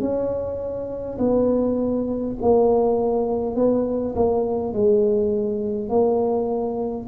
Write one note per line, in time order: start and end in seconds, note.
0.00 1.18 C#4
1.18 2.36 B3
2.41 3.56 A#3
3.56 4.14 B3
4.15 4.73 A#3
4.73 5.89 G#3
5.89 7.07 A#3